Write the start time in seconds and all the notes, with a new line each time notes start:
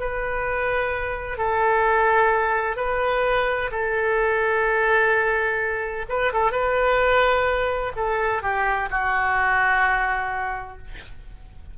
0.00 B4
1.38 A4
2.77 B4
3.72 A4
6.09 B4
6.33 A4
6.52 B4
7.96 A4
8.43 G4
8.91 F#4